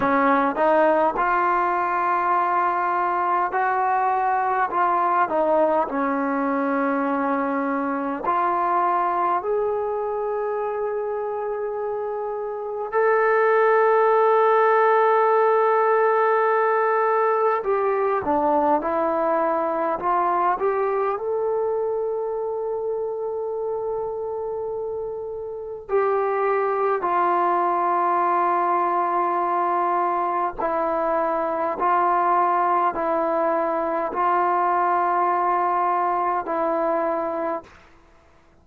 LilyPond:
\new Staff \with { instrumentName = "trombone" } { \time 4/4 \tempo 4 = 51 cis'8 dis'8 f'2 fis'4 | f'8 dis'8 cis'2 f'4 | gis'2. a'4~ | a'2. g'8 d'8 |
e'4 f'8 g'8 a'2~ | a'2 g'4 f'4~ | f'2 e'4 f'4 | e'4 f'2 e'4 | }